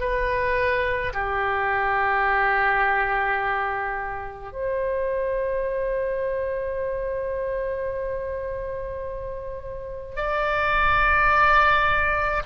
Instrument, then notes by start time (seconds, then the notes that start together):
oboe
0.00 B4
1.13 G4
4.53 C5
10.16 D5